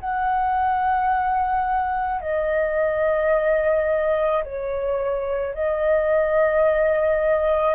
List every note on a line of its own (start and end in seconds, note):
0.00 2.21 F#5
2.21 4.43 D#5
4.44 5.54 C#5
5.54 7.75 D#5